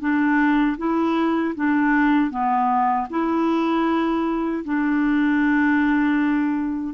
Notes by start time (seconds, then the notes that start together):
0.00 D4
0.78 E4
1.55 D4
2.30 B3
3.10 E4
4.65 D4